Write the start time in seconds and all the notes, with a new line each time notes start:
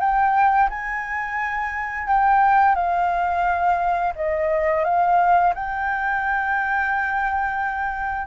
0.00 G5
0.70 G#5
2.07 G5
2.75 F5
4.15 D#5
4.84 F5
5.54 G5